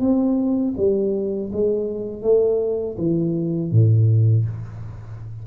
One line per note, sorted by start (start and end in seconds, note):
0.00 0.74 C4
0.77 1.51 G3
1.53 2.22 G#3
2.22 2.96 A3
2.98 3.71 E3
3.71 4.45 A2